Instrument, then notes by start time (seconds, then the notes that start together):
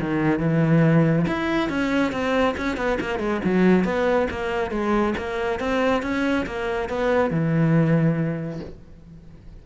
cello
0.00 D#3
0.39 E3
1.28 E4
1.69 C#4
2.12 C4
2.57 C#4
2.77 B3
3.00 A#3
3.19 G#3
3.44 F#3
3.84 B3
4.30 A#3
4.70 G#3
5.17 A#3
5.59 C4
6.02 C#4
6.46 A#3
6.89 B3
7.30 E3